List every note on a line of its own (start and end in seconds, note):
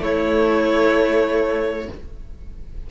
0.00 1.88 A3
0.00 1.89 A3
0.00 1.90 E4
0.00 1.91 C#5